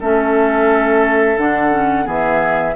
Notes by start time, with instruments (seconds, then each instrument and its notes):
0.00 bassoon A3, clarinet C#4, oboe A4, flute E5
1.37 bassoon D3, clarinet D4, flute F#5
1.71 clarinet C#4
2.04 bassoon E3, clarinet B3, oboe G#4, flute E5